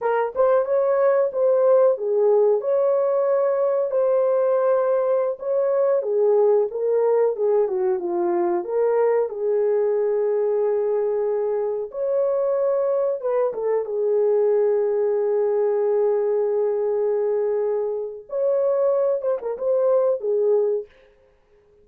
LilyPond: \new Staff \with { instrumentName = "horn" } { \time 4/4 \tempo 4 = 92 ais'8 c''8 cis''4 c''4 gis'4 | cis''2 c''2~ | c''16 cis''4 gis'4 ais'4 gis'8 fis'16~ | fis'16 f'4 ais'4 gis'4.~ gis'16~ |
gis'2~ gis'16 cis''4.~ cis''16~ | cis''16 b'8 a'8 gis'2~ gis'8.~ | gis'1 | cis''4. c''16 ais'16 c''4 gis'4 | }